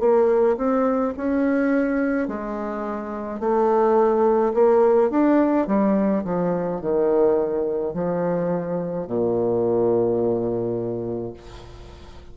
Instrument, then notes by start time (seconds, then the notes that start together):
bassoon
0.00 A#3
0.57 C4
1.17 C#4
2.28 G#3
3.40 A3
4.54 A#3
5.10 D4
5.67 G3
6.25 F3
6.81 D#3
7.94 F3
9.07 A#2